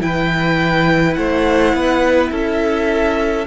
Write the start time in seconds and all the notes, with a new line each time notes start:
0.00 E3 E4 B4 G5
1.14 A3 C5 F#5
1.74 B3 B4
2.31 C#4 A4 E5